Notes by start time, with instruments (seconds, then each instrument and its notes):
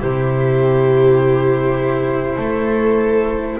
0.00 double bass C3, cello E4, viola G4, flute C5
2.36 double bass A3, viola A4